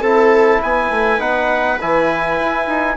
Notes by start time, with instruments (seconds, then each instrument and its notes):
0.00 bassoon C4, trombone E4, viola A4, trumpet A5
0.61 bassoon B3, viola B4, trumpet G#5
0.90 bassoon A3
1.19 bassoon B3, trombone D#4, trumpet F#5
1.80 bassoon E3, trombone E4, trumpet G#5
2.40 bassoon E4
2.67 bassoon D#4